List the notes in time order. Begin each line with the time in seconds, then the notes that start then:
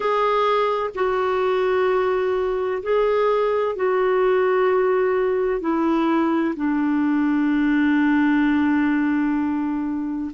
0.00 G#4
0.94 F#4
2.82 G#4
3.75 F#4
5.60 E4
6.56 D4